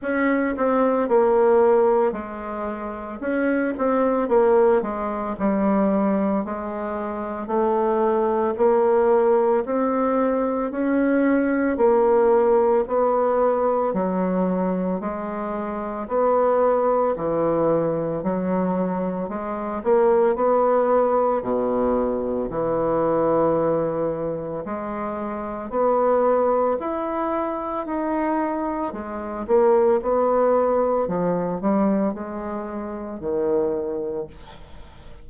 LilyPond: \new Staff \with { instrumentName = "bassoon" } { \time 4/4 \tempo 4 = 56 cis'8 c'8 ais4 gis4 cis'8 c'8 | ais8 gis8 g4 gis4 a4 | ais4 c'4 cis'4 ais4 | b4 fis4 gis4 b4 |
e4 fis4 gis8 ais8 b4 | b,4 e2 gis4 | b4 e'4 dis'4 gis8 ais8 | b4 f8 g8 gis4 dis4 | }